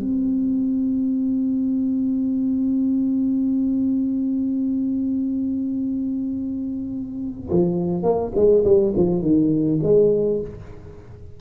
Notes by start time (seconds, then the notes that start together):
0.00 C4
7.51 F3
8.03 A#3
8.36 G#3
8.65 G3
8.97 F3
9.22 D#3
9.83 G#3